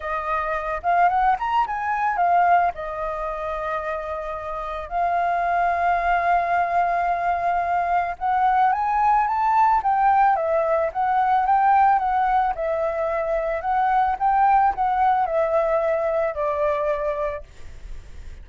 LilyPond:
\new Staff \with { instrumentName = "flute" } { \time 4/4 \tempo 4 = 110 dis''4. f''8 fis''8 ais''8 gis''4 | f''4 dis''2.~ | dis''4 f''2.~ | f''2. fis''4 |
gis''4 a''4 g''4 e''4 | fis''4 g''4 fis''4 e''4~ | e''4 fis''4 g''4 fis''4 | e''2 d''2 | }